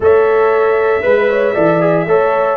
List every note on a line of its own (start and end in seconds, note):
0.00 1.02 A3
0.00 1.02 A4
0.00 1.03 C#5
0.00 2.57 E5
1.02 1.55 G#3
1.02 1.53 B4
1.02 1.29 B4
1.29 1.54 C#5
1.54 2.06 E3
1.54 1.80 A4
1.54 2.06 D5
1.80 2.06 G#4
2.06 2.57 A3
2.06 2.57 A4
2.06 2.57 C#5